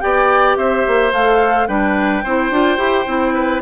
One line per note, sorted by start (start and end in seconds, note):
0.00 0.56 B3
0.00 1.12 G4
0.00 0.57 D5
0.00 0.56 G5
0.56 0.84 C4
0.56 1.68 C5
0.56 1.11 E5
0.87 1.12 A#3
1.12 1.67 A3
1.12 1.67 A4
1.12 1.67 F5
1.67 2.23 G3
1.67 2.23 D4
1.67 2.23 B4
1.67 3.61 G5
2.23 2.50 C4
2.23 2.51 E4
2.23 3.34 C5
2.50 2.77 D4
2.50 2.77 F4
2.77 3.05 E4
2.77 3.05 G4
3.06 3.62 C4
3.06 3.62 E4
3.34 3.61 B4